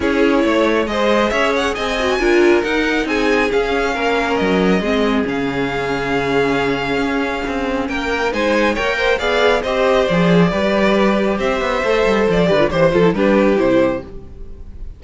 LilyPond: <<
  \new Staff \with { instrumentName = "violin" } { \time 4/4 \tempo 4 = 137 cis''2 dis''4 e''8 fis''8 | gis''2 fis''4 gis''4 | f''2 dis''2 | f''1~ |
f''2 g''4 gis''4 | g''4 f''4 dis''4 d''4~ | d''2 e''2 | d''4 c''8 a'8 b'4 c''4 | }
  \new Staff \with { instrumentName = "violin" } { \time 4/4 gis'4 cis''4 c''4 cis''4 | dis''4 ais'2 gis'4~ | gis'4 ais'2 gis'4~ | gis'1~ |
gis'2 ais'4 c''4 | cis''8 c''8 d''4 c''2 | b'2 c''2~ | c''8 b'8 c''4 g'2 | }
  \new Staff \with { instrumentName = "viola" } { \time 4/4 e'2 gis'2~ | gis'8 fis'8 f'4 dis'2 | cis'2. c'4 | cis'1~ |
cis'2. dis'4 | ais'4 gis'4 g'4 gis'4 | g'2. a'4~ | a'8 g'16 f'16 g'8 f'16 e'16 d'4 e'4 | }
  \new Staff \with { instrumentName = "cello" } { \time 4/4 cis'4 a4 gis4 cis'4 | c'4 d'4 dis'4 c'4 | cis'4 ais4 fis4 gis4 | cis1 |
cis'4 c'4 ais4 gis4 | ais4 b4 c'4 f4 | g2 c'8 b8 a8 g8 | f8 d8 e8 f8 g4 c4 | }
>>